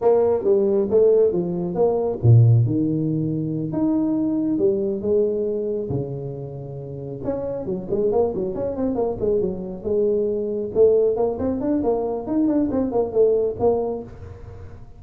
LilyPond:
\new Staff \with { instrumentName = "tuba" } { \time 4/4 \tempo 4 = 137 ais4 g4 a4 f4 | ais4 ais,4 dis2~ | dis8 dis'2 g4 gis8~ | gis4. cis2~ cis8~ |
cis8 cis'4 fis8 gis8 ais8 fis8 cis'8 | c'8 ais8 gis8 fis4 gis4.~ | gis8 a4 ais8 c'8 d'8 ais4 | dis'8 d'8 c'8 ais8 a4 ais4 | }